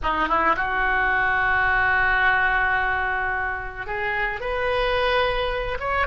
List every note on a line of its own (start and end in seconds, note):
0.02 0.28 D#4
0.28 0.55 E4
0.56 3.86 F#4
3.86 4.40 G#4
4.40 5.77 B4
5.79 6.07 C#5